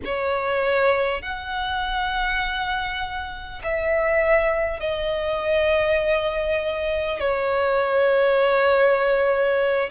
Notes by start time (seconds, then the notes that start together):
0.04 C#5
1.22 F#5
3.63 E5
4.79 D#5
7.19 C#5